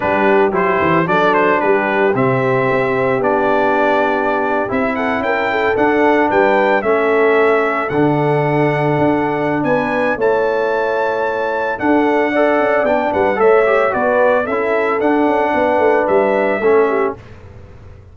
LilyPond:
<<
  \new Staff \with { instrumentName = "trumpet" } { \time 4/4 \tempo 4 = 112 b'4 c''4 d''8 c''8 b'4 | e''2 d''2~ | d''8. e''8 fis''8 g''4 fis''4 g''16~ | g''8. e''2 fis''4~ fis''16~ |
fis''2 gis''4 a''4~ | a''2 fis''2 | g''8 fis''8 e''4 d''4 e''4 | fis''2 e''2 | }
  \new Staff \with { instrumentName = "horn" } { \time 4/4 g'2 a'4 g'4~ | g'1~ | g'4~ g'16 a'8 ais'8 a'4. b'16~ | b'8. a'2.~ a'16~ |
a'2 b'4 cis''4~ | cis''2 a'4 d''4~ | d''8 b'8 cis''4 b'4 a'4~ | a'4 b'2 a'8 g'8 | }
  \new Staff \with { instrumentName = "trombone" } { \time 4/4 d'4 e'4 d'2 | c'2 d'2~ | d'8. e'2 d'4~ d'16~ | d'8. cis'2 d'4~ d'16~ |
d'2. e'4~ | e'2 d'4 a'4 | d'4 a'8 g'8 fis'4 e'4 | d'2. cis'4 | }
  \new Staff \with { instrumentName = "tuba" } { \time 4/4 g4 fis8 e8 fis4 g4 | c4 c'4 b2~ | b8. c'4 cis'4 d'4 g16~ | g8. a2 d4~ d16~ |
d8. d'4~ d'16 b4 a4~ | a2 d'4. cis'8 | b8 g8 a4 b4 cis'4 | d'8 cis'8 b8 a8 g4 a4 | }
>>